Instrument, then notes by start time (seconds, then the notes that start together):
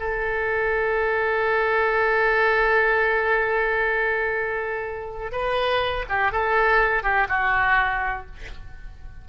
oboe
0.00 A4
5.32 B4
6.09 G4
6.32 A4
7.04 G4
7.29 F#4